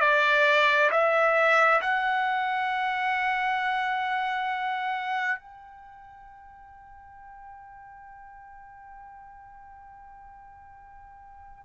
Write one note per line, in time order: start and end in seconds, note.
0.00 0.90 D5
0.91 1.81 E5
1.81 5.39 F#5
5.39 11.65 G5